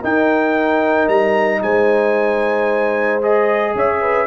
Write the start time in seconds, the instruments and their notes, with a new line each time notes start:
0.00 trombone D#4, tuba D#4, horn A#4, trumpet G5
1.08 tuba G3, trumpet A#5
1.62 tuba G#3, horn C5, trumpet G#5
3.22 trombone G#4, trumpet D#5
3.75 tuba C#4, horn C#5, trumpet E5
4.02 horn B4